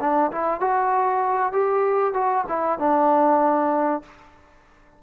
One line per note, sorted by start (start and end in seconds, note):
0.00 0.31 D4
0.31 0.60 E4
0.60 1.52 F#4
1.52 2.13 G4
2.13 2.44 F#4
2.48 2.78 E4
2.78 4.02 D4